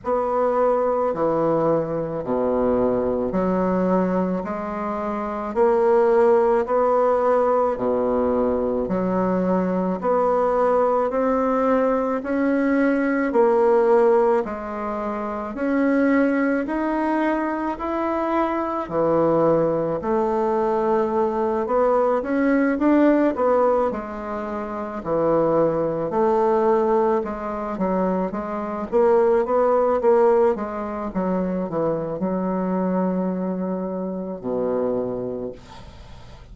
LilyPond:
\new Staff \with { instrumentName = "bassoon" } { \time 4/4 \tempo 4 = 54 b4 e4 b,4 fis4 | gis4 ais4 b4 b,4 | fis4 b4 c'4 cis'4 | ais4 gis4 cis'4 dis'4 |
e'4 e4 a4. b8 | cis'8 d'8 b8 gis4 e4 a8~ | a8 gis8 fis8 gis8 ais8 b8 ais8 gis8 | fis8 e8 fis2 b,4 | }